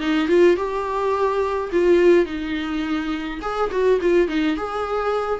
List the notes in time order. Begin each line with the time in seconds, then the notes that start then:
0.00 D#4
0.28 F4
0.56 G4
1.72 F4
2.25 D#4
3.42 G#4
3.71 F#4
4.01 F4
4.28 D#4
4.57 G#4